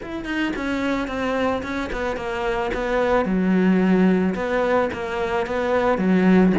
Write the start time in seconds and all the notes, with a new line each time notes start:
0.02 E4
0.25 D#4
0.56 C#4
1.07 C4
1.62 C#4
1.92 B3
2.16 A#3
2.73 B3
3.25 F#3
4.34 B3
4.93 A#3
5.46 B3
5.98 F#3